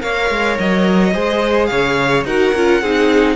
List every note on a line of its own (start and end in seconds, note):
0.00 0.30 A#3
0.00 1.12 A#4
0.00 1.13 C#5
0.00 0.58 F5
0.30 0.58 G#3
0.59 1.15 F#3
0.59 1.67 D#5
1.13 1.71 G#3
1.13 2.26 G#4
1.13 1.69 C5
1.67 2.25 C#3
1.67 2.27 C#5
1.67 2.23 F5
2.25 2.53 D#4
2.25 2.55 F#4
2.25 2.83 A#4
2.25 3.36 F#5
2.54 2.82 C#4
2.54 2.84 F4
2.82 3.36 C4
2.82 3.36 D#4
2.82 3.36 G#4